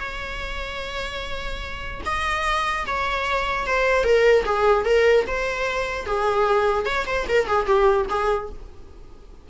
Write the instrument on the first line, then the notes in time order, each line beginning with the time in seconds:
viola
0.00 C#5
2.06 D#5
2.86 C#5
3.67 C5
4.04 A#4
4.45 G#4
4.85 A#4
5.27 C5
6.06 G#4
6.85 C#5
7.07 C5
7.29 A#4
7.47 G#4
7.66 G4
8.09 G#4